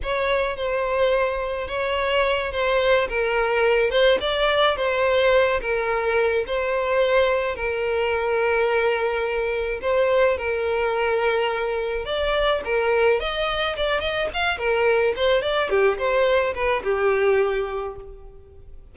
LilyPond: \new Staff \with { instrumentName = "violin" } { \time 4/4 \tempo 4 = 107 cis''4 c''2 cis''4~ | cis''8 c''4 ais'4. c''8 d''8~ | d''8 c''4. ais'4. c''8~ | c''4. ais'2~ ais'8~ |
ais'4. c''4 ais'4.~ | ais'4. d''4 ais'4 dis''8~ | dis''8 d''8 dis''8 f''8 ais'4 c''8 d''8 | g'8 c''4 b'8 g'2 | }